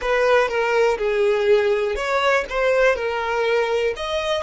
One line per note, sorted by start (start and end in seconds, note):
0.01 0.48 B4
0.48 0.97 A#4
0.98 1.95 G#4
1.95 2.45 C#5
2.49 2.95 C5
2.95 3.93 A#4
3.96 4.42 D#5